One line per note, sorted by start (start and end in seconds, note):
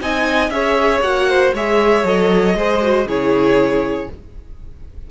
0.00 0.50 C4
0.00 0.51 D#4
0.00 0.52 D#5
0.00 0.50 G#5
0.50 1.00 C#4
0.50 1.03 G#4
0.50 1.29 C#5
0.50 1.01 E5
1.01 1.52 A#3
1.01 1.54 F#4
1.01 1.53 F#5
1.29 1.54 C5
1.53 2.04 G#3
1.53 2.05 G#4
1.53 2.56 C#5
1.53 2.06 E5
2.04 2.54 F#3
2.04 2.56 A4
2.04 3.08 D#5
2.54 3.05 G#3
2.54 2.81 G#4
2.54 3.07 C5
2.81 3.07 F#4
3.05 4.07 C#3
3.05 4.09 E4
3.05 4.09 G#4
3.05 4.11 C#5